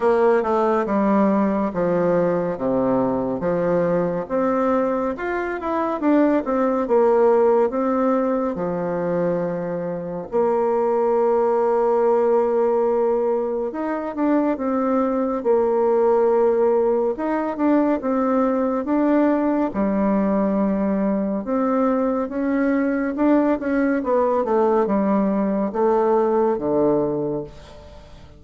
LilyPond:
\new Staff \with { instrumentName = "bassoon" } { \time 4/4 \tempo 4 = 70 ais8 a8 g4 f4 c4 | f4 c'4 f'8 e'8 d'8 c'8 | ais4 c'4 f2 | ais1 |
dis'8 d'8 c'4 ais2 | dis'8 d'8 c'4 d'4 g4~ | g4 c'4 cis'4 d'8 cis'8 | b8 a8 g4 a4 d4 | }